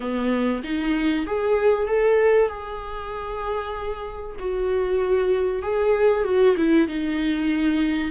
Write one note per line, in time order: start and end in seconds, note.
0.00 0.62 B3
0.63 1.26 D#4
1.26 1.87 G#4
1.87 2.48 A4
2.48 4.36 G#4
4.39 5.62 F#4
5.62 6.24 G#4
6.24 6.55 F#4
6.56 6.88 E4
6.88 8.11 D#4